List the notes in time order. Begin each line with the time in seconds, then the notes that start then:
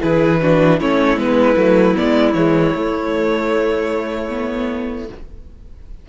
0.00 E3 E4 G#4 B4
0.41 D4 F#4
0.80 A3 C#4 E4 C#5
1.17 G#3 B3 B4
1.57 F#3 A3
1.95 B3 D5
2.02 G#3
2.34 E3 G#3 C#5
2.75 A3
4.30 B3